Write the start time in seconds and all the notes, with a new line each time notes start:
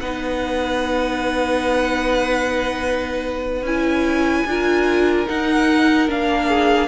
0.00 B3 D#4 B4 F#5
3.62 C#4 E4 G#5
4.45 D4 F4 A#4
5.26 D#4 F#5
6.07 A#3 D4 F5
6.48 G#4